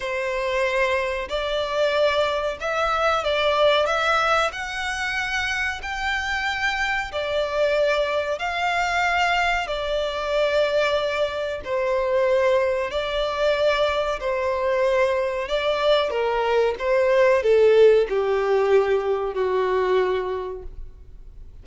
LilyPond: \new Staff \with { instrumentName = "violin" } { \time 4/4 \tempo 4 = 93 c''2 d''2 | e''4 d''4 e''4 fis''4~ | fis''4 g''2 d''4~ | d''4 f''2 d''4~ |
d''2 c''2 | d''2 c''2 | d''4 ais'4 c''4 a'4 | g'2 fis'2 | }